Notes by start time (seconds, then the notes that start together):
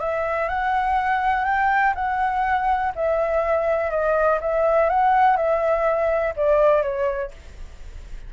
0.00 E5
0.49 F#5
1.45 G5
1.95 F#5
2.96 E5
3.91 D#5
4.41 E5
4.90 F#5
5.36 E5
6.36 D5
6.82 C#5